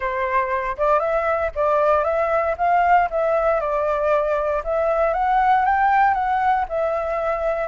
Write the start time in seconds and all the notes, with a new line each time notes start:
0.00 C5
0.77 D5
0.99 E5
1.55 D5
2.04 E5
2.57 F5
3.10 E5
3.60 D5
4.64 E5
5.13 F#5
5.65 G5
6.14 F#5
6.69 E5